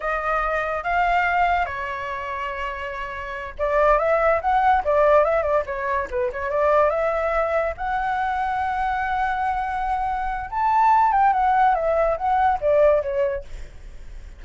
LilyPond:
\new Staff \with { instrumentName = "flute" } { \time 4/4 \tempo 4 = 143 dis''2 f''2 | cis''1~ | cis''8 d''4 e''4 fis''4 d''8~ | d''8 e''8 d''8 cis''4 b'8 cis''8 d''8~ |
d''8 e''2 fis''4.~ | fis''1~ | fis''4 a''4. g''8 fis''4 | e''4 fis''4 d''4 cis''4 | }